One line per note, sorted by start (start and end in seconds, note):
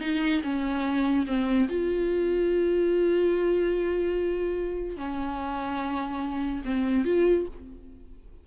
0.00 0.41 D#4
0.43 1.25 C#4
1.27 1.68 C4
1.68 4.97 F4
4.97 6.62 C#4
6.64 7.05 C4
7.05 7.46 F4